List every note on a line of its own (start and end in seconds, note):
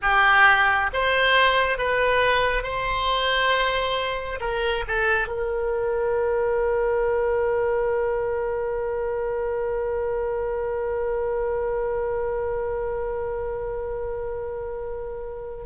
0.02 0.90 G4
0.93 1.78 C5
1.78 2.63 B4
2.63 4.39 C5
4.40 4.84 A#4
4.87 5.27 A4
5.27 15.64 A#4